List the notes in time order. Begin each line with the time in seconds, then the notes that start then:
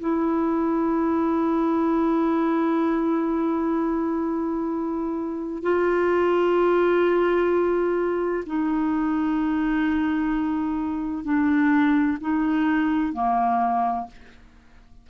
0.00 E4
5.62 F4
8.46 D#4
11.24 D4
12.21 D#4
13.13 A#3